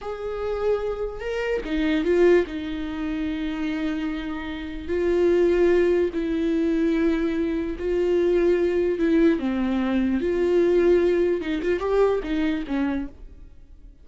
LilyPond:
\new Staff \with { instrumentName = "viola" } { \time 4/4 \tempo 4 = 147 gis'2. ais'4 | dis'4 f'4 dis'2~ | dis'1 | f'2. e'4~ |
e'2. f'4~ | f'2 e'4 c'4~ | c'4 f'2. | dis'8 f'8 g'4 dis'4 cis'4 | }